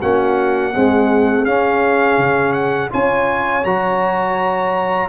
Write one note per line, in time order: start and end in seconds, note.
0.00 0.75 A#3
0.00 0.75 C#4
0.00 0.72 F#4
0.00 1.46 F#5
0.75 1.47 G#3
0.75 1.47 C4
0.75 2.92 G#4
1.46 2.18 C#4
1.46 2.91 C#4
1.46 2.53 F5
2.18 2.91 C#3
2.53 2.89 F#5
2.91 3.65 C#4
2.91 3.63 F4
2.91 5.09 C#5
2.91 3.65 G#5
3.65 5.09 F#3
3.65 5.09 F#4
3.65 5.09 A#5